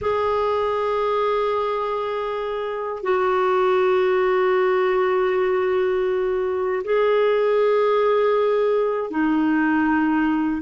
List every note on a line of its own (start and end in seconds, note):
0.01 3.02 G#4
3.02 6.82 F#4
6.84 9.10 G#4
9.10 10.62 D#4